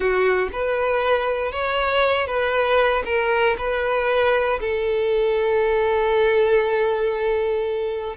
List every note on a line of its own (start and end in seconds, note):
0.00 0.48 F#4
0.52 1.52 B4
1.52 2.26 C#5
2.26 3.03 B4
3.05 3.56 A#4
3.58 4.59 B4
4.60 8.16 A4